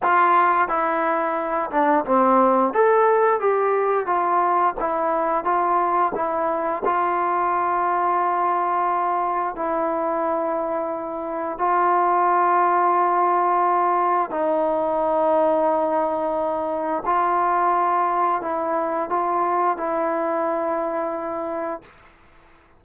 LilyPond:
\new Staff \with { instrumentName = "trombone" } { \time 4/4 \tempo 4 = 88 f'4 e'4. d'8 c'4 | a'4 g'4 f'4 e'4 | f'4 e'4 f'2~ | f'2 e'2~ |
e'4 f'2.~ | f'4 dis'2.~ | dis'4 f'2 e'4 | f'4 e'2. | }